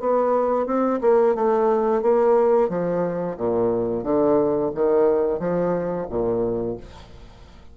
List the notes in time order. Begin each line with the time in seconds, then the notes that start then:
0.00 B3
0.66 C4
1.01 A#3
1.35 A3
2.03 A#3
2.69 F3
3.37 A#2
4.04 D3
4.75 D#3
5.40 F3
6.10 A#2